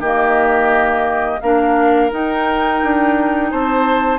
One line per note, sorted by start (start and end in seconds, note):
0.00 1.40 D#3
0.00 1.42 A#3
0.00 1.40 G4
0.00 1.41 D#5
1.41 2.12 A#3
1.41 2.11 D4
1.41 3.51 A#4
1.41 2.11 F5
2.11 4.19 D#4
2.11 2.82 D#4
2.11 3.51 G5
2.83 3.53 D4
3.51 4.19 C4
3.51 4.19 C5
3.51 4.19 A5